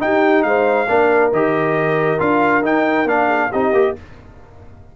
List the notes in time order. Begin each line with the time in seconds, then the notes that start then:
0.00 D#4 G4 G5
0.43 G#3 C5 F5
0.89 A#3 D4 A#4
1.33 D#3 G4 D#5
2.19 D4 F4 F5
2.63 D#4 G5
3.06 A#3 D4 F5
3.26 G#4
3.51 C4 D#4 G4 D#5
3.73 A#3 G4